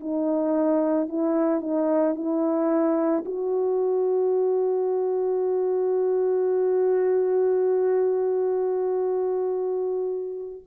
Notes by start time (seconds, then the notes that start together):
0.00 D#4
1.09 E4
1.61 D#4
2.15 E4
3.25 F#4